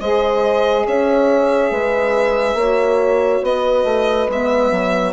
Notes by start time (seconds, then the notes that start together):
0.00 G#3 G#4 C5 D#5
0.86 C#4 C#5 E5
1.71 G#3 B4
2.54 A#3 F#4 C#5
3.43 B3 B4 D#5
3.84 A3
4.29 G#3 B3 E5
4.71 F#3